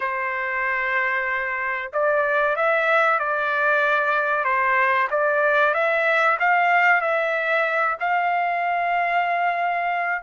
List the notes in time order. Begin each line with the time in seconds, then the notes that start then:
0.00 C5
1.92 D5
2.56 E5
3.19 D5
4.44 C5
5.10 D5
5.74 E5
6.39 F5
7.01 E5
8.00 F5